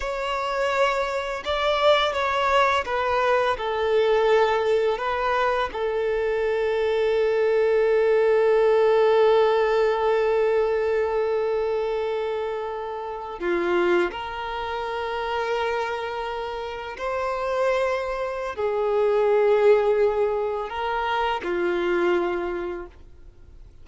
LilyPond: \new Staff \with { instrumentName = "violin" } { \time 4/4 \tempo 4 = 84 cis''2 d''4 cis''4 | b'4 a'2 b'4 | a'1~ | a'1~ |
a'2~ a'8. f'4 ais'16~ | ais'2.~ ais'8. c''16~ | c''2 gis'2~ | gis'4 ais'4 f'2 | }